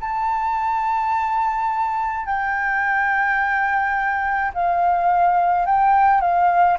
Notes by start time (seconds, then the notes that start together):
0.00 A5
2.25 G5
4.54 F5
5.66 G5
6.21 F5